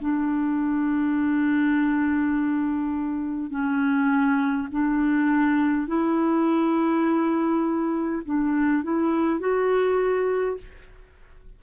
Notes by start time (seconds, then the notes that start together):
0.00 D4
3.50 C#4
4.71 D4
5.87 E4
8.25 D4
8.83 E4
9.40 F#4